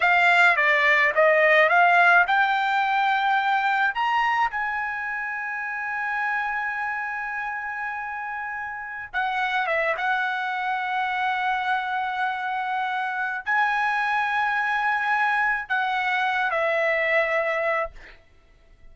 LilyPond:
\new Staff \with { instrumentName = "trumpet" } { \time 4/4 \tempo 4 = 107 f''4 d''4 dis''4 f''4 | g''2. ais''4 | gis''1~ | gis''1~ |
gis''16 fis''4 e''8 fis''2~ fis''16~ | fis''1 | gis''1 | fis''4. e''2~ e''8 | }